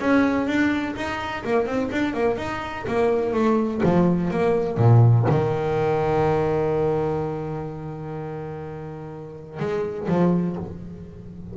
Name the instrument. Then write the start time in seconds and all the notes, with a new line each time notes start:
double bass
0.00 C#4
0.47 D4
0.96 D#4
1.44 A#3
1.66 C4
1.92 D4
2.14 A#3
2.37 D#4
2.87 A#3
3.33 A3
3.83 F3
4.30 A#3
4.77 A#2
5.29 D#3
9.59 G#3
10.08 F3